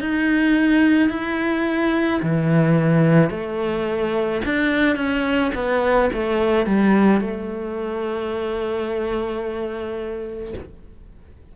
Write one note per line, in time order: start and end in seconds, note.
0.00 1.10 D#4
1.10 2.21 E4
2.22 3.30 E3
3.30 4.41 A3
4.45 4.96 D4
4.96 5.52 C#4
5.55 6.11 B3
6.13 6.66 A3
6.66 7.21 G3
7.21 10.54 A3